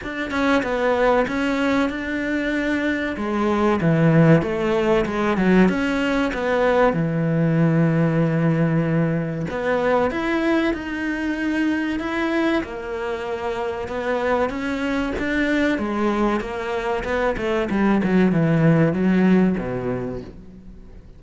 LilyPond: \new Staff \with { instrumentName = "cello" } { \time 4/4 \tempo 4 = 95 d'8 cis'8 b4 cis'4 d'4~ | d'4 gis4 e4 a4 | gis8 fis8 cis'4 b4 e4~ | e2. b4 |
e'4 dis'2 e'4 | ais2 b4 cis'4 | d'4 gis4 ais4 b8 a8 | g8 fis8 e4 fis4 b,4 | }